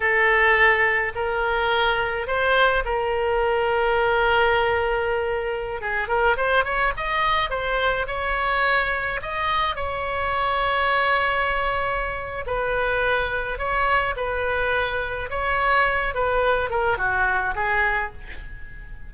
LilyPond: \new Staff \with { instrumentName = "oboe" } { \time 4/4 \tempo 4 = 106 a'2 ais'2 | c''4 ais'2.~ | ais'2~ ais'16 gis'8 ais'8 c''8 cis''16~ | cis''16 dis''4 c''4 cis''4.~ cis''16~ |
cis''16 dis''4 cis''2~ cis''8.~ | cis''2 b'2 | cis''4 b'2 cis''4~ | cis''8 b'4 ais'8 fis'4 gis'4 | }